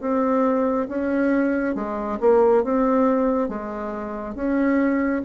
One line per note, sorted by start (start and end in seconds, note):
0.00 0.87 C4
0.89 1.75 C#4
1.75 2.18 G#3
2.20 2.63 A#3
2.63 3.48 C4
3.48 4.35 G#3
4.35 5.22 C#4